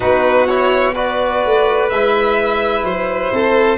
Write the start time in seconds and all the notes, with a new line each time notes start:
0.00 B3 D#4 F#4 B4
0.46 E4 C#5
0.94 F#4 B4 D5
1.44 A3
1.89 G#3 E4 E5
2.83 F#3 C5
3.32 C4 A4